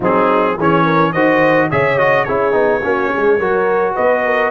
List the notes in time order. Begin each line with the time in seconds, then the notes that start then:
0.00 F#3 C4 D#4 G#4
0.57 E3 C#4 G#4 C#5
0.84 A#4
1.12 D#3 F#4 C5 D#5
1.70 C#3 G#4 C#5 E5
1.98 F#4 D#5
2.24 C#4 E4 G#4 C#5
2.52 B3 D#4
2.82 A#3 C#4 F#4
3.13 G#3 G#4
3.38 F#3 F#4 A#4
3.94 B3 B4 D#5
4.24 A#4